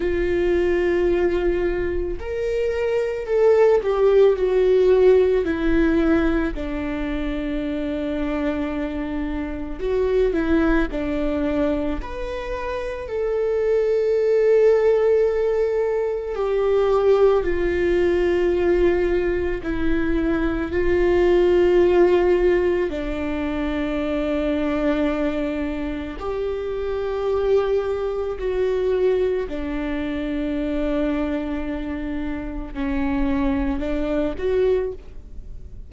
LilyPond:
\new Staff \with { instrumentName = "viola" } { \time 4/4 \tempo 4 = 55 f'2 ais'4 a'8 g'8 | fis'4 e'4 d'2~ | d'4 fis'8 e'8 d'4 b'4 | a'2. g'4 |
f'2 e'4 f'4~ | f'4 d'2. | g'2 fis'4 d'4~ | d'2 cis'4 d'8 fis'8 | }